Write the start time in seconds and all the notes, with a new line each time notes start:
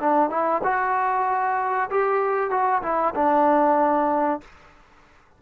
0.00 D4
0.30 E4
0.63 F#4
1.90 G4
2.50 F#4
2.82 E4
3.15 D4